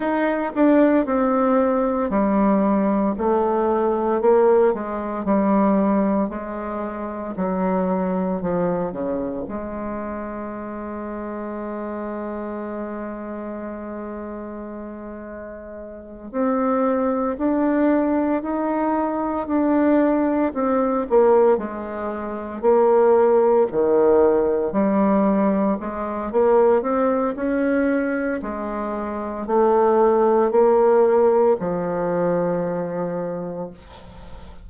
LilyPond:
\new Staff \with { instrumentName = "bassoon" } { \time 4/4 \tempo 4 = 57 dis'8 d'8 c'4 g4 a4 | ais8 gis8 g4 gis4 fis4 | f8 cis8 gis2.~ | gis2.~ gis8 c'8~ |
c'8 d'4 dis'4 d'4 c'8 | ais8 gis4 ais4 dis4 g8~ | g8 gis8 ais8 c'8 cis'4 gis4 | a4 ais4 f2 | }